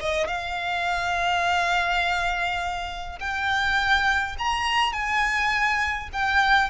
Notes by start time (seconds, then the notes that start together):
0.00 D#5
0.28 F5
3.20 G5
4.38 A#5
4.93 G#5
6.13 G5